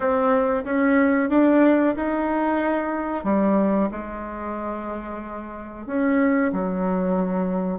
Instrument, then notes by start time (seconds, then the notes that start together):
bassoon
0.00 C4
0.64 C#4
1.29 D4
1.96 D#4
3.24 G3
3.91 G#3
5.86 C#4
6.52 F#3